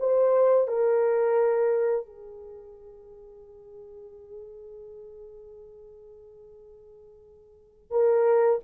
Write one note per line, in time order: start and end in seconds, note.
0.00 0.68 C5
0.68 2.06 A#4
2.06 7.91 G#4
7.91 8.60 A#4